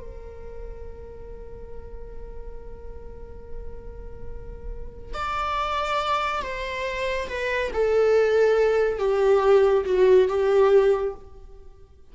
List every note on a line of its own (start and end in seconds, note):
0.00 5.14 A#4
5.14 6.42 D5
6.42 7.28 C5
7.29 7.71 B4
7.74 8.99 A4
8.99 9.85 G4
9.85 10.28 F#4
10.28 11.14 G4